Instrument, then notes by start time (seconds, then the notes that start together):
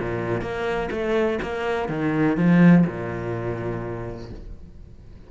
cello
0.00 A#2
0.41 A#3
0.91 A3
1.42 A#3
1.89 D#3
2.37 F3
2.87 A#2